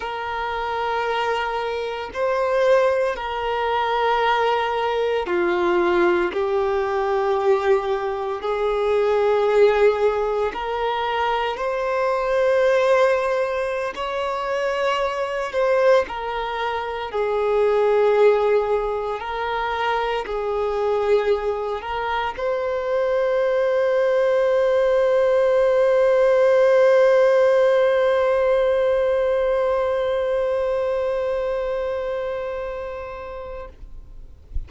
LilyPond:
\new Staff \with { instrumentName = "violin" } { \time 4/4 \tempo 4 = 57 ais'2 c''4 ais'4~ | ais'4 f'4 g'2 | gis'2 ais'4 c''4~ | c''4~ c''16 cis''4. c''8 ais'8.~ |
ais'16 gis'2 ais'4 gis'8.~ | gis'8. ais'8 c''2~ c''8.~ | c''1~ | c''1 | }